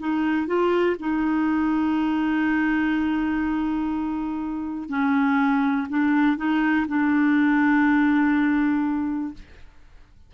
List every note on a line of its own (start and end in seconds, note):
0.00 0.47 D#4
0.47 0.96 F4
0.99 4.89 D#4
4.89 5.87 C#4
5.89 6.37 D4
6.37 6.86 D#4
6.88 9.34 D4